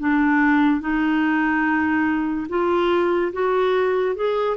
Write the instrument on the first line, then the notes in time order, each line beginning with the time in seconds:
clarinet
0.00 D4
0.81 D#4
2.49 F4
3.33 F#4
4.16 G#4